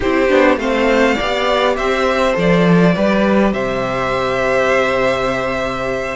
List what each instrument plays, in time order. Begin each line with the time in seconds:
0.00 cello C4, viola E4, violin G4 C5
0.28 cello B3, viola D4
0.56 cello A3, viola C4, violin C5 F5
1.15 violin D5
1.21 cello B3, viola G4
1.76 cello C4, violin C5 E5
2.33 cello F3, viola A4, violin D5
2.95 cello G3, viola G4, violin B4
3.53 cello C3, violin C5 E5